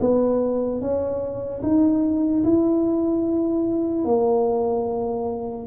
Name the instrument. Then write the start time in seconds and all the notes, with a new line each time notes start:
tuba
0.00 B3
0.81 C#4
1.63 D#4
2.44 E4
4.05 A#3